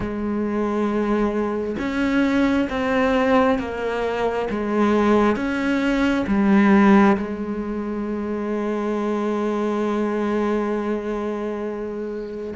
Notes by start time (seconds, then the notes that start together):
0.00 G#3
1.79 C#4
2.69 C4
3.58 A#3
4.49 G#3
5.35 C#4
6.27 G3
7.16 G#3